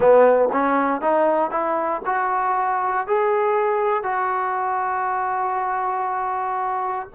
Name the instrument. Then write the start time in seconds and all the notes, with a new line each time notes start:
trombone
0.00 B3
0.52 C#4
1.01 D#4
1.50 E4
2.05 F#4
3.07 G#4
4.03 F#4